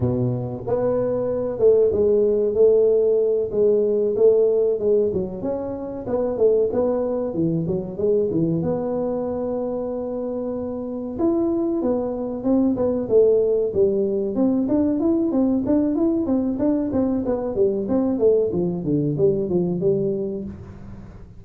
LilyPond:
\new Staff \with { instrumentName = "tuba" } { \time 4/4 \tempo 4 = 94 b,4 b4. a8 gis4 | a4. gis4 a4 gis8 | fis8 cis'4 b8 a8 b4 e8 | fis8 gis8 e8 b2~ b8~ |
b4. e'4 b4 c'8 | b8 a4 g4 c'8 d'8 e'8 | c'8 d'8 e'8 c'8 d'8 c'8 b8 g8 | c'8 a8 f8 d8 g8 f8 g4 | }